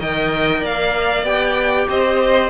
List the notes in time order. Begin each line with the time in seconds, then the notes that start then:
0.00 D#3 A#4 D#5 G5
0.61 A#3 D5 F5
1.23 B3 G4 G5
1.89 C4 C5 D#5